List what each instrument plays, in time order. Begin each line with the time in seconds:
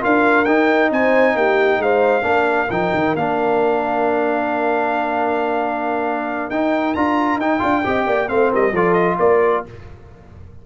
0.00 tuba D4, trombone F4, horn A#4, trumpet F5
0.44 tuba D#4, trombone D#4, trumpet G5
0.90 tuba C4, horn C5, trumpet G#5
1.35 tuba A#3, horn G4, trumpet G5
1.78 tuba G#3, horn C5, trumpet F5
2.22 tuba A#3, trombone D4, horn A#4
2.70 tuba F3, trombone D#4, trumpet G5
2.93 tuba D#3
3.14 tuba A#3, trombone D4, trumpet F5
6.49 tuba D#4, trombone D#4, trumpet G5
6.94 tuba D4, trombone F4, trumpet A#5
7.36 tuba D#4, trombone D#4, trumpet G5
7.59 tuba D4, trombone F4
7.84 tuba C4, trombone G4, horn D#5
8.06 tuba A#3, horn D5
8.27 tuba A3, trombone C4, horn C5, trumpet F5
8.51 tuba G3, horn A#4, trumpet D#5
8.72 tuba F3, trombone F4, horn A4, trumpet D5
8.93 trumpet D#5
9.19 tuba A#3, horn A#4, trumpet D5